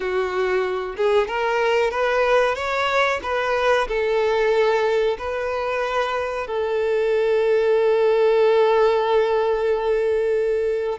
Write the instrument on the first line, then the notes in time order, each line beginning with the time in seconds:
violin
0.00 F#4
0.96 G#4
1.27 A#4
1.90 B4
2.55 C#5
3.23 B4
3.88 A4
5.18 B4
6.47 A4